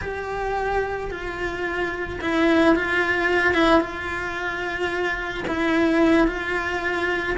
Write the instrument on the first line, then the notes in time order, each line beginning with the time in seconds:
cello
0.01 G4
1.10 F4
2.21 E4
2.75 F4
3.54 E4
3.80 F4
5.47 E4
6.27 F4